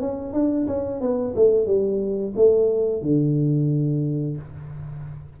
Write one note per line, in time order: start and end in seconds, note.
0.00 0.33 C#4
0.33 0.66 D4
0.67 1.00 C#4
1.00 1.34 B3
1.35 1.66 A3
1.66 2.34 G3
2.36 3.02 A3
3.02 4.37 D3